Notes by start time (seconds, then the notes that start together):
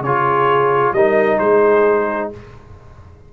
0.00 C#3 F4 G#4 C#5
0.92 G3 D#4 A#4 D#5
1.38 G#3 G#4 C5